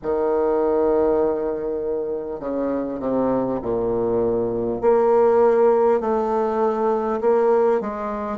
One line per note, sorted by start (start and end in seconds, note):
0.02 2.39 D#3
2.39 2.99 C#3
2.99 3.59 C3
3.62 4.81 A#2
4.81 6.00 A#3
6.00 7.20 A3
7.20 7.80 A#3
7.81 8.37 G#3